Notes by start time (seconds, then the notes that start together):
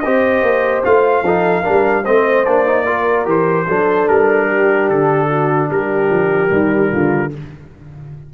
0.00 C4 G4 C5 D#5
0.42 A#3
0.84 A3 F4 F5
1.22 F3 D#4 A4
1.62 D4 A#4
1.68 G3
2.04 A3 C4 C5 D#5
2.45 A#3 D4 D5
2.66 D#4
2.86 F4 A#4
3.25 E3 G4 C5
3.67 F#3 D4 A4
4.08 G3 A#4
4.47 G4
4.89 D3 A4
5.30 F#4
5.70 G3 G4 A#4
6.09 F3
6.49 D#3 G3
6.92 D3 F4